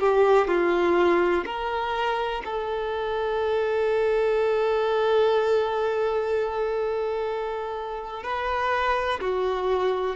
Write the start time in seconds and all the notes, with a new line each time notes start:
0.00 G4
0.48 F4
1.46 A#4
2.45 A4
8.24 B4
9.21 F#4